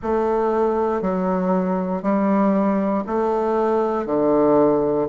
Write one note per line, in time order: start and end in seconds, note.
0.02 1.01 A3
1.01 2.02 F#3
2.02 3.04 G3
3.06 4.06 A3
4.06 5.08 D3